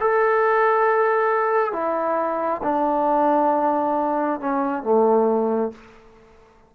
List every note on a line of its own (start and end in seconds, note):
0.00 1.72 A4
1.72 2.61 E4
2.63 4.40 D4
4.40 4.83 C#4
4.83 5.72 A3